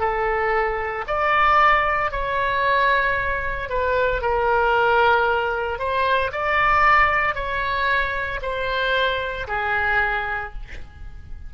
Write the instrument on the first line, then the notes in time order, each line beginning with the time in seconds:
oboe
0.00 A4
1.08 D5
2.11 C#5
3.69 B4
4.22 A#4
5.79 C5
6.32 D5
7.35 C#5
8.43 C5
9.48 G#4